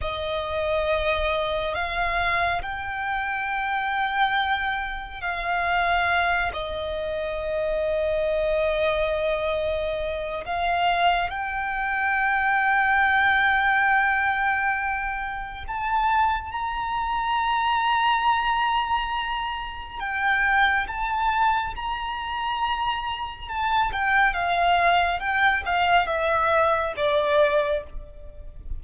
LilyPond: \new Staff \with { instrumentName = "violin" } { \time 4/4 \tempo 4 = 69 dis''2 f''4 g''4~ | g''2 f''4. dis''8~ | dis''1 | f''4 g''2.~ |
g''2 a''4 ais''4~ | ais''2. g''4 | a''4 ais''2 a''8 g''8 | f''4 g''8 f''8 e''4 d''4 | }